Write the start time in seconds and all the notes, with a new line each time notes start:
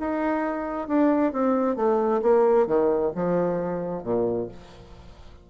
0.00 D#4
0.89 D4
1.33 C4
1.77 A3
2.22 A#3
2.67 D#3
3.15 F3
4.04 A#2